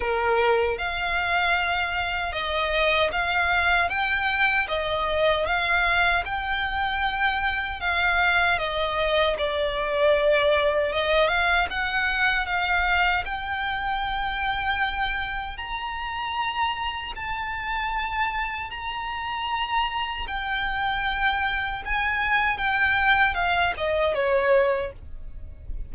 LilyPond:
\new Staff \with { instrumentName = "violin" } { \time 4/4 \tempo 4 = 77 ais'4 f''2 dis''4 | f''4 g''4 dis''4 f''4 | g''2 f''4 dis''4 | d''2 dis''8 f''8 fis''4 |
f''4 g''2. | ais''2 a''2 | ais''2 g''2 | gis''4 g''4 f''8 dis''8 cis''4 | }